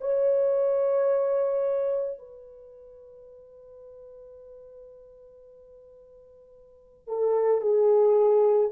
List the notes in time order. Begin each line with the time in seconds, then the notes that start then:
0.00 C#5
2.18 B4
7.08 A4
7.61 G#4